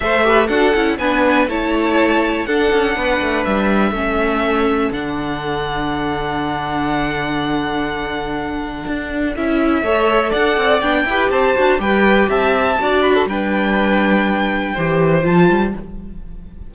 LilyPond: <<
  \new Staff \with { instrumentName = "violin" } { \time 4/4 \tempo 4 = 122 e''4 fis''4 gis''4 a''4~ | a''4 fis''2 e''4~ | e''2 fis''2~ | fis''1~ |
fis''2. e''4~ | e''4 fis''4 g''4 a''4 | g''4 a''4. b''8 g''4~ | g''2. a''4 | }
  \new Staff \with { instrumentName = "violin" } { \time 4/4 c''8 b'8 a'4 b'4 cis''4~ | cis''4 a'4 b'2 | a'1~ | a'1~ |
a'1 | cis''4 d''4. b'8 c''4 | b'4 e''4 d''8. a'16 b'4~ | b'2 c''2 | }
  \new Staff \with { instrumentName = "viola" } { \time 4/4 a'8 g'8 fis'8 e'8 d'4 e'4~ | e'4 d'2. | cis'2 d'2~ | d'1~ |
d'2. e'4 | a'2 d'8 g'4 fis'8 | g'2 fis'4 d'4~ | d'2 g'4 f'4 | }
  \new Staff \with { instrumentName = "cello" } { \time 4/4 a4 d'8 cis'8 b4 a4~ | a4 d'8 cis'8 b8 a8 g4 | a2 d2~ | d1~ |
d2 d'4 cis'4 | a4 d'8 c'8 b8 e'8 c'8 d'8 | g4 c'4 d'4 g4~ | g2 e4 f8 g8 | }
>>